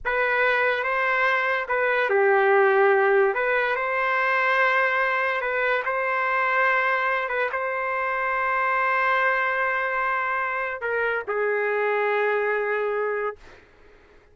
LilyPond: \new Staff \with { instrumentName = "trumpet" } { \time 4/4 \tempo 4 = 144 b'2 c''2 | b'4 g'2. | b'4 c''2.~ | c''4 b'4 c''2~ |
c''4. b'8 c''2~ | c''1~ | c''2 ais'4 gis'4~ | gis'1 | }